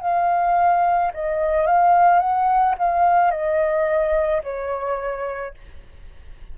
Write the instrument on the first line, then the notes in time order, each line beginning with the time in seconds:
flute
0.00 F5
1.14 D#5
1.66 F5
2.19 F#5
2.78 F5
3.30 D#5
4.43 C#5